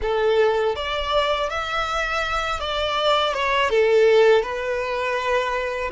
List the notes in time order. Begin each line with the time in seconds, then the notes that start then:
0.01 A4
0.75 D5
1.49 E5
2.59 D5
3.33 C#5
3.69 A4
4.42 B4